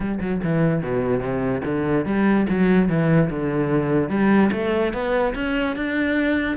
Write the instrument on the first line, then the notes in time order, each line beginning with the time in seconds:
cello
0.00 G3
0.20 F#3
0.43 E3
0.82 B2
1.20 C3
1.64 D3
2.05 G3
2.49 F#3
2.88 E3
3.30 D3
4.09 G3
4.52 A3
4.93 B3
5.34 C#4
5.75 D4